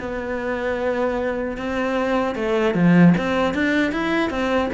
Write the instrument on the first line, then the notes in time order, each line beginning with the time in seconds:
cello
0.00 B3
1.57 C4
2.35 A3
2.75 F3
3.18 C4
3.54 D4
3.92 E4
4.30 C4